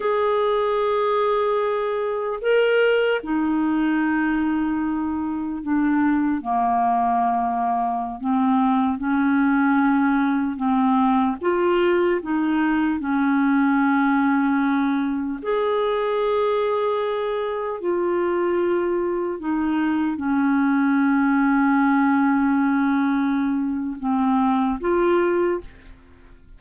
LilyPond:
\new Staff \with { instrumentName = "clarinet" } { \time 4/4 \tempo 4 = 75 gis'2. ais'4 | dis'2. d'4 | ais2~ ais16 c'4 cis'8.~ | cis'4~ cis'16 c'4 f'4 dis'8.~ |
dis'16 cis'2. gis'8.~ | gis'2~ gis'16 f'4.~ f'16~ | f'16 dis'4 cis'2~ cis'8.~ | cis'2 c'4 f'4 | }